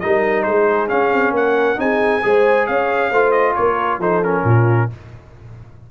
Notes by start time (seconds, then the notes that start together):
0.00 G3 D#4 A#4 D#5
0.43 G#3 G#4 C5
0.88 C#4 F5
1.12 C4
1.31 A#3 A#4 F#5
1.76 C4 D#4 G#4 G#5
2.23 G#3 G#4 C5
2.67 C#4 C#5 F5
3.09 A3 F4 C5
3.32 D#5
3.56 A#3 A#4 C#5
3.99 F3 D#4 A4 C5
4.23 C#4 A#4
4.44 A#2 F4